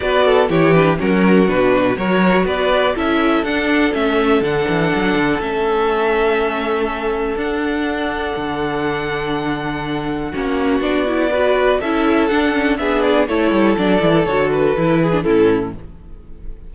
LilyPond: <<
  \new Staff \with { instrumentName = "violin" } { \time 4/4 \tempo 4 = 122 d''4 cis''8 b'8 ais'4 b'4 | cis''4 d''4 e''4 fis''4 | e''4 fis''2 e''4~ | e''2. fis''4~ |
fis''1~ | fis''2 d''2 | e''4 fis''4 e''8 d''8 cis''4 | d''4 cis''8 b'4. a'4 | }
  \new Staff \with { instrumentName = "violin" } { \time 4/4 b'8 a'8 g'4 fis'2 | ais'4 b'4 a'2~ | a'1~ | a'1~ |
a'1~ | a'4 fis'2 b'4 | a'2 gis'4 a'4~ | a'2~ a'8 gis'8 e'4 | }
  \new Staff \with { instrumentName = "viola" } { \time 4/4 fis'4 e'8 d'8 cis'4 d'4 | fis'2 e'4 d'4 | cis'4 d'2 cis'4~ | cis'2. d'4~ |
d'1~ | d'4 cis'4 d'8 e'8 fis'4 | e'4 d'8 cis'8 d'4 e'4 | d'8 e'8 fis'4 e'8. d'16 cis'4 | }
  \new Staff \with { instrumentName = "cello" } { \time 4/4 b4 e4 fis4 b,4 | fis4 b4 cis'4 d'4 | a4 d8 e8 fis8 d8 a4~ | a2. d'4~ |
d'4 d2.~ | d4 ais4 b2 | cis'4 d'4 b4 a8 g8 | fis8 e8 d4 e4 a,4 | }
>>